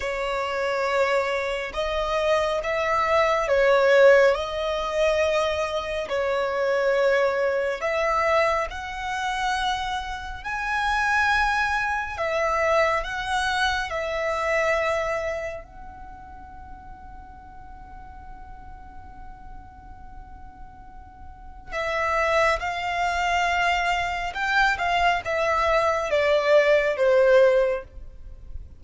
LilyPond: \new Staff \with { instrumentName = "violin" } { \time 4/4 \tempo 4 = 69 cis''2 dis''4 e''4 | cis''4 dis''2 cis''4~ | cis''4 e''4 fis''2 | gis''2 e''4 fis''4 |
e''2 fis''2~ | fis''1~ | fis''4 e''4 f''2 | g''8 f''8 e''4 d''4 c''4 | }